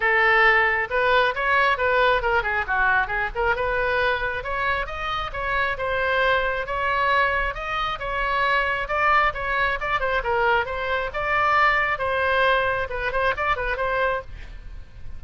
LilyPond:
\new Staff \with { instrumentName = "oboe" } { \time 4/4 \tempo 4 = 135 a'2 b'4 cis''4 | b'4 ais'8 gis'8 fis'4 gis'8 ais'8 | b'2 cis''4 dis''4 | cis''4 c''2 cis''4~ |
cis''4 dis''4 cis''2 | d''4 cis''4 d''8 c''8 ais'4 | c''4 d''2 c''4~ | c''4 b'8 c''8 d''8 b'8 c''4 | }